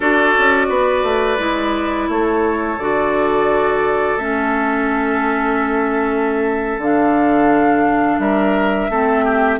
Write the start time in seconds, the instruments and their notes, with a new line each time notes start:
0.00 bassoon D4, clarinet F#4, oboe A4, flute D5
0.38 bassoon C#4
0.69 bassoon B3, oboe B4
1.03 bassoon A3
1.38 bassoon G#3, clarinet E4
2.08 bassoon A3, oboe A4, flute C#5
2.78 bassoon D3, clarinet F#4, flute D5
4.16 bassoon A3, clarinet C#4, flute E5
6.78 bassoon D3, clarinet D4, flute F5
8.18 bassoon G3, oboe A#4, flute E5
8.89 bassoon A3, clarinet C4, oboe A4
9.24 oboe G4